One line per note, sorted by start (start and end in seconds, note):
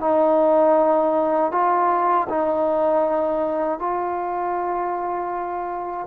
0.00 1.52 D#4
1.52 2.28 F4
2.29 3.79 D#4
3.79 6.07 F4